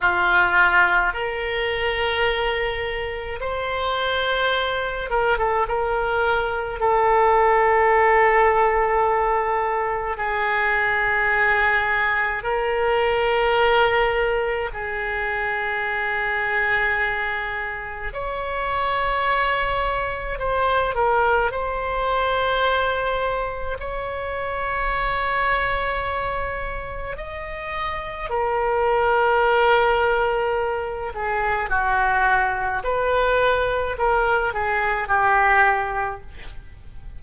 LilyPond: \new Staff \with { instrumentName = "oboe" } { \time 4/4 \tempo 4 = 53 f'4 ais'2 c''4~ | c''8 ais'16 a'16 ais'4 a'2~ | a'4 gis'2 ais'4~ | ais'4 gis'2. |
cis''2 c''8 ais'8 c''4~ | c''4 cis''2. | dis''4 ais'2~ ais'8 gis'8 | fis'4 b'4 ais'8 gis'8 g'4 | }